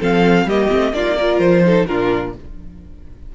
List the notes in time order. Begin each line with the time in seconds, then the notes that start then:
0.00 F3 C4 A4 F5
0.44 G3 A#3 G4 D#5
0.69 A3 C4
0.92 A#3 D4 F4 D5
1.03 D#4
1.16 F4 A#4
1.39 F3 C5
1.65 D#4 A4
1.86 A#2 D4 F4 A#4